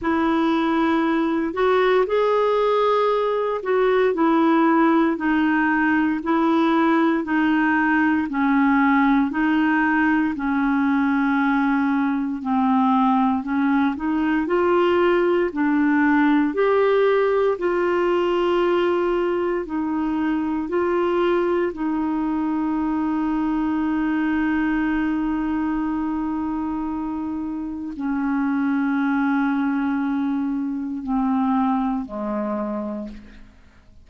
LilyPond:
\new Staff \with { instrumentName = "clarinet" } { \time 4/4 \tempo 4 = 58 e'4. fis'8 gis'4. fis'8 | e'4 dis'4 e'4 dis'4 | cis'4 dis'4 cis'2 | c'4 cis'8 dis'8 f'4 d'4 |
g'4 f'2 dis'4 | f'4 dis'2.~ | dis'2. cis'4~ | cis'2 c'4 gis4 | }